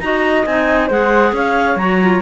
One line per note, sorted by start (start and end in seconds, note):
0.00 0.45 D#4
0.00 0.47 F#4
0.00 0.87 D#5
0.00 0.44 A#5
0.45 0.90 C4
0.45 0.90 D#4
0.45 0.89 G#5
0.87 1.32 G#3
0.87 1.78 G#4
0.87 1.31 C5
0.87 1.35 F#5
1.32 1.76 C#4
1.32 2.22 C#5
1.32 1.77 F5
1.76 2.20 F#3
1.76 2.01 F#4
1.76 2.22 A#5
2.02 2.22 F4